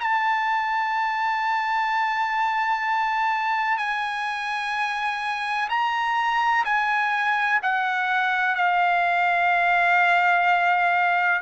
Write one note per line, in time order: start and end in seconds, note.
0.00 3.77 A5
3.77 5.68 G#5
5.69 6.65 A#5
6.65 7.60 G#5
7.62 8.55 F#5
8.55 11.41 F5